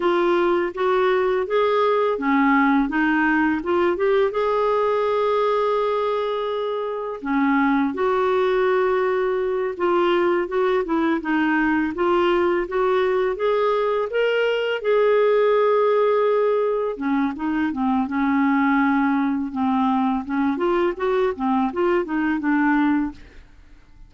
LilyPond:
\new Staff \with { instrumentName = "clarinet" } { \time 4/4 \tempo 4 = 83 f'4 fis'4 gis'4 cis'4 | dis'4 f'8 g'8 gis'2~ | gis'2 cis'4 fis'4~ | fis'4. f'4 fis'8 e'8 dis'8~ |
dis'8 f'4 fis'4 gis'4 ais'8~ | ais'8 gis'2. cis'8 | dis'8 c'8 cis'2 c'4 | cis'8 f'8 fis'8 c'8 f'8 dis'8 d'4 | }